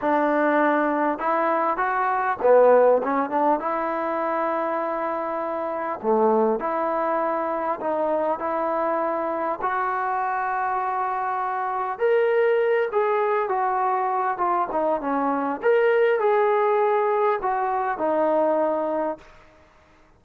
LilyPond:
\new Staff \with { instrumentName = "trombone" } { \time 4/4 \tempo 4 = 100 d'2 e'4 fis'4 | b4 cis'8 d'8 e'2~ | e'2 a4 e'4~ | e'4 dis'4 e'2 |
fis'1 | ais'4. gis'4 fis'4. | f'8 dis'8 cis'4 ais'4 gis'4~ | gis'4 fis'4 dis'2 | }